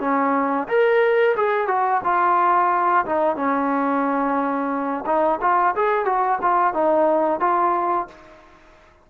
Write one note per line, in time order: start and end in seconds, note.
0.00 0.67 C#4
0.68 1.35 A#4
1.36 1.67 G#4
1.67 2.01 F#4
2.04 3.05 F4
3.06 3.36 D#4
3.36 5.04 C#4
5.06 5.40 D#4
5.41 5.75 F4
5.75 6.05 G#4
6.05 6.39 F#4
6.41 6.74 F4
6.74 7.40 D#4
7.40 8.07 F4